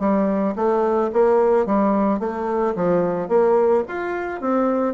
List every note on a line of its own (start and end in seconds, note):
0.00 0.55 G3
0.56 1.11 A3
1.13 1.67 A#3
1.67 2.20 G3
2.20 2.75 A3
2.76 3.29 F3
3.29 3.84 A#3
3.89 4.41 F4
4.41 4.95 C4